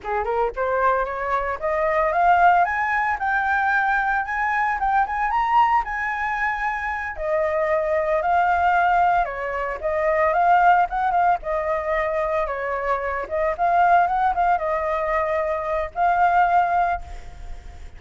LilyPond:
\new Staff \with { instrumentName = "flute" } { \time 4/4 \tempo 4 = 113 gis'8 ais'8 c''4 cis''4 dis''4 | f''4 gis''4 g''2 | gis''4 g''8 gis''8 ais''4 gis''4~ | gis''4. dis''2 f''8~ |
f''4. cis''4 dis''4 f''8~ | f''8 fis''8 f''8 dis''2 cis''8~ | cis''4 dis''8 f''4 fis''8 f''8 dis''8~ | dis''2 f''2 | }